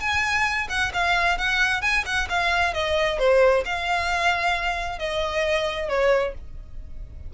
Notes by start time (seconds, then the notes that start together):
0.00 G#5
0.69 F#5
0.94 F5
1.38 F#5
1.81 G#5
2.05 F#5
2.29 F5
2.74 D#5
3.19 C5
3.65 F5
4.99 D#5
5.89 C#5